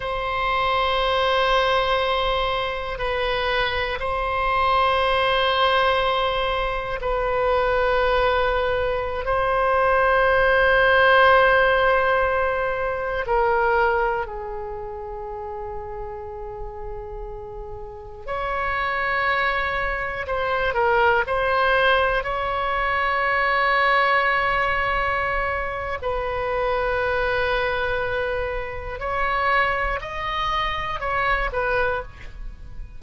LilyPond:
\new Staff \with { instrumentName = "oboe" } { \time 4/4 \tempo 4 = 60 c''2. b'4 | c''2. b'4~ | b'4~ b'16 c''2~ c''8.~ | c''4~ c''16 ais'4 gis'4.~ gis'16~ |
gis'2~ gis'16 cis''4.~ cis''16~ | cis''16 c''8 ais'8 c''4 cis''4.~ cis''16~ | cis''2 b'2~ | b'4 cis''4 dis''4 cis''8 b'8 | }